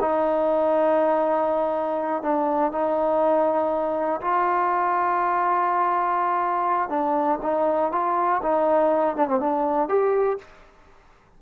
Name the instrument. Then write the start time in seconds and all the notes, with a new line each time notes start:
trombone
0.00 D#4
2.22 D4
2.71 D#4
4.21 F4
6.89 D4
7.42 D#4
7.92 F4
8.43 D#4
9.16 D4
9.27 C4
9.40 D4
9.88 G4